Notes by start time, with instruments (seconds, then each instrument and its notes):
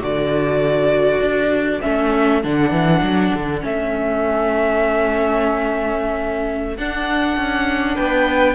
0.00 cello D3, viola F#4, violin A4 D5
1.21 cello D4
1.81 cello A3, viola C#4, violin E5
2.43 cello D3, viola D4, violin F#5
2.71 cello E3
3.02 cello F#3
3.34 cello D3
3.61 cello A3, viola C#4, violin E5
6.77 cello D4, viola D4, violin F#5
7.37 cello C#4
7.96 cello B3, violin B4 G5